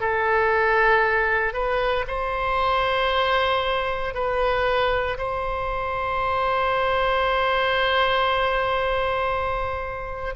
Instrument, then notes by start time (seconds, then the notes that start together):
oboe
0.00 A4
1.53 B4
2.07 C5
4.14 B4
5.18 C5